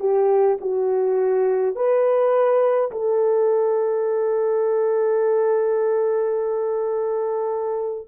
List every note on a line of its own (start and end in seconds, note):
0.00 0.58 G4
0.61 1.76 F#4
1.76 2.92 B4
2.92 8.09 A4